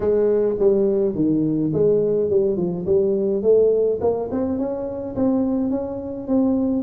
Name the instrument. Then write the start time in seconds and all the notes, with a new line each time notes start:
tuba
0.00 G#3
0.59 G3
1.15 D#3
1.73 G#3
2.30 G3
2.56 F3
2.85 G3
3.42 A3
4.01 A#3
4.31 C4
4.58 C#4
5.15 C4
5.70 C#4
6.27 C4